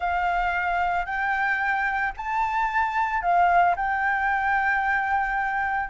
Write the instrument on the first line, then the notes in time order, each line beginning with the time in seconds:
flute
0.00 F5
1.05 G5
2.16 A5
3.21 F5
3.76 G5